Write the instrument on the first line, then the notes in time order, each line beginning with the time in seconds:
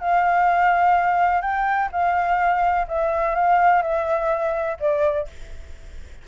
flute
0.00 F5
1.41 G5
1.92 F5
2.88 E5
3.35 F5
3.82 E5
4.80 D5